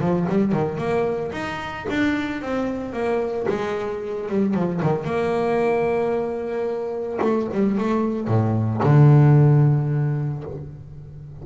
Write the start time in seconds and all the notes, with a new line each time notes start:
0.00 F3
0.29 G3
0.52 D#3
0.78 A#3
1.32 D#4
1.90 D4
2.42 C4
2.93 A#3
3.49 G#3
4.29 G3
4.54 F3
4.82 D#3
5.05 A#3
7.22 A3
7.53 G3
7.78 A3
8.27 A2
8.83 D3